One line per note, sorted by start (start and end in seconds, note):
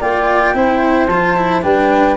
0.00 0.54 A#3
0.00 0.54 F4
0.00 0.55 D5
0.00 1.07 G5
0.54 1.08 C4
0.54 1.09 E4
0.54 1.63 C5
1.07 1.62 F3
1.07 1.37 F4
1.07 1.62 A5
1.37 1.62 E4
1.62 2.16 G3
1.62 2.16 D4
1.62 2.16 B4
1.62 2.16 G5